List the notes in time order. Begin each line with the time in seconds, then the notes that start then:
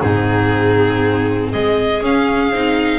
0.00 G#2 C4 D#4 G#4
1.50 G#3 G#4 D#5
2.01 C#4 F5
2.51 C4 D#4